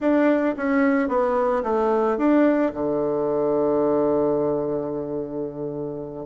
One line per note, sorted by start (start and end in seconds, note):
0.00 0.55 D4
0.57 1.08 C#4
1.08 1.62 B3
1.63 2.17 A3
2.17 2.72 D4
2.73 6.26 D3